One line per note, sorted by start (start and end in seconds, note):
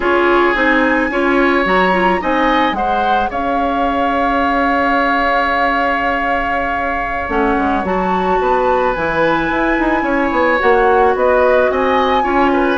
0.00 0.53 C#4
0.00 0.54 F4
0.00 1.10 G#4
0.00 0.54 C#5
0.54 1.10 C4
0.54 1.10 D#4
0.54 1.64 G#5
1.10 1.65 C#4
1.10 1.64 F4
1.10 2.21 C#5
1.64 2.20 F#3
1.64 1.92 F#4
1.64 2.22 A#5
1.93 2.20 F4
2.20 2.72 C4
2.20 2.74 D#4
2.20 2.76 D#5
2.20 2.74 G#5
2.72 3.27 G#3
2.72 7.28 G#4
2.72 3.30 C5
2.72 3.29 F#5
3.30 7.28 C#4
3.30 8.39 C#5
3.30 7.29 F5
7.28 7.55 A3
7.28 7.83 C#4
7.28 7.84 F#5
7.57 7.83 G#3
7.83 8.39 F#3
7.83 8.94 F#4
7.83 8.93 A5
8.40 8.95 B3
8.40 10.03 B4
8.93 9.50 E3
8.93 10.59 E4
8.93 10.58 G#5
9.50 9.77 E4
9.78 10.02 D#4
10.02 10.30 C#4
10.02 11.13 C#5
10.31 10.59 B3
10.59 11.14 A#3
10.59 12.22 F#4
10.59 11.15 F#5
11.14 11.69 B3
11.14 11.71 B4
11.14 11.70 D#5
11.70 12.24 C4
11.70 12.23 D#5
11.70 12.78 G#5
12.22 12.78 C#4
12.22 12.77 F4
12.22 12.50 C#5
12.52 12.78 B4